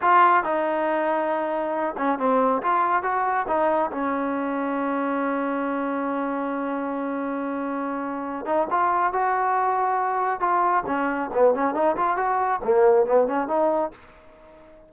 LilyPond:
\new Staff \with { instrumentName = "trombone" } { \time 4/4 \tempo 4 = 138 f'4 dis'2.~ | dis'8 cis'8 c'4 f'4 fis'4 | dis'4 cis'2.~ | cis'1~ |
cis'2.~ cis'8 dis'8 | f'4 fis'2. | f'4 cis'4 b8 cis'8 dis'8 f'8 | fis'4 ais4 b8 cis'8 dis'4 | }